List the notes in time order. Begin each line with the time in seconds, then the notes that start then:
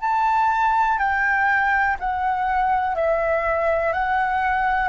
0.00 A5
0.98 G5
1.99 F#5
2.95 E5
3.93 F#5